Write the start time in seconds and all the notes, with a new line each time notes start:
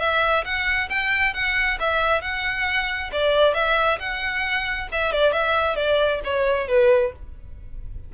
0.00 E5
0.45 F#5
0.90 G5
1.34 F#5
1.80 E5
2.22 F#5
3.13 D5
3.54 E5
4.00 F#5
4.92 E5
5.13 D5
5.33 E5
5.76 D5
6.24 C#5
6.68 B4